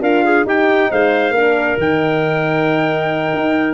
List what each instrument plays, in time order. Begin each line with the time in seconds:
0.00 tuba D4, horn F4, clarinet A#4, trumpet F5
0.24 clarinet G#4
0.45 horn D#4, tuba D#4, clarinet G4, trumpet G5
0.90 tuba G#3, clarinet C5, trumpet F5
1.31 tuba A#3, horn D4, clarinet A#4
1.78 tuba D#3, horn D#4, trumpet G5
3.33 tuba D#4